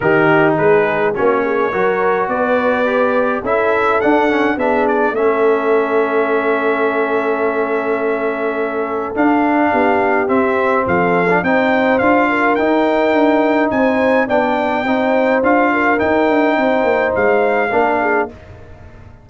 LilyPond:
<<
  \new Staff \with { instrumentName = "trumpet" } { \time 4/4 \tempo 4 = 105 ais'4 b'4 cis''2 | d''2 e''4 fis''4 | e''8 d''8 e''2.~ | e''1 |
f''2 e''4 f''4 | g''4 f''4 g''2 | gis''4 g''2 f''4 | g''2 f''2 | }
  \new Staff \with { instrumentName = "horn" } { \time 4/4 g'4 gis'4 fis'8 gis'8 ais'4 | b'2 a'2 | gis'4 a'2.~ | a'1~ |
a'4 g'2 a'4 | c''4. ais'2~ ais'8 | c''4 d''4 c''4. ais'8~ | ais'4 c''2 ais'8 gis'8 | }
  \new Staff \with { instrumentName = "trombone" } { \time 4/4 dis'2 cis'4 fis'4~ | fis'4 g'4 e'4 d'8 cis'8 | d'4 cis'2.~ | cis'1 |
d'2 c'4.~ c'16 d'16 | dis'4 f'4 dis'2~ | dis'4 d'4 dis'4 f'4 | dis'2. d'4 | }
  \new Staff \with { instrumentName = "tuba" } { \time 4/4 dis4 gis4 ais4 fis4 | b2 cis'4 d'4 | b4 a2.~ | a1 |
d'4 b4 c'4 f4 | c'4 d'4 dis'4 d'4 | c'4 b4 c'4 d'4 | dis'8 d'8 c'8 ais8 gis4 ais4 | }
>>